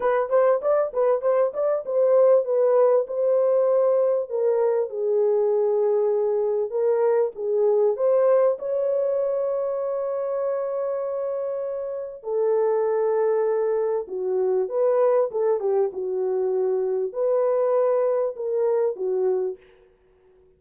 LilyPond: \new Staff \with { instrumentName = "horn" } { \time 4/4 \tempo 4 = 98 b'8 c''8 d''8 b'8 c''8 d''8 c''4 | b'4 c''2 ais'4 | gis'2. ais'4 | gis'4 c''4 cis''2~ |
cis''1 | a'2. fis'4 | b'4 a'8 g'8 fis'2 | b'2 ais'4 fis'4 | }